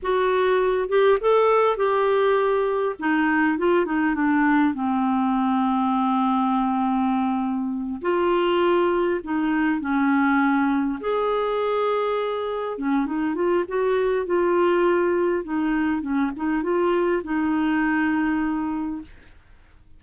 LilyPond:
\new Staff \with { instrumentName = "clarinet" } { \time 4/4 \tempo 4 = 101 fis'4. g'8 a'4 g'4~ | g'4 dis'4 f'8 dis'8 d'4 | c'1~ | c'4. f'2 dis'8~ |
dis'8 cis'2 gis'4.~ | gis'4. cis'8 dis'8 f'8 fis'4 | f'2 dis'4 cis'8 dis'8 | f'4 dis'2. | }